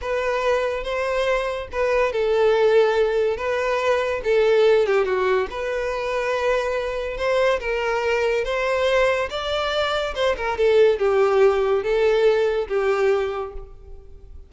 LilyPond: \new Staff \with { instrumentName = "violin" } { \time 4/4 \tempo 4 = 142 b'2 c''2 | b'4 a'2. | b'2 a'4. g'8 | fis'4 b'2.~ |
b'4 c''4 ais'2 | c''2 d''2 | c''8 ais'8 a'4 g'2 | a'2 g'2 | }